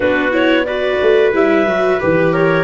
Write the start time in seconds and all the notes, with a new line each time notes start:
0.00 B3 D4 F#4 B4
0.31 E4 C#5
0.65 F#4 B4 D5
1.01 A3
1.33 G3 E4 E5
1.66 F#3 F#4
2.00 E3 G4 B4
2.32 A#4 C#5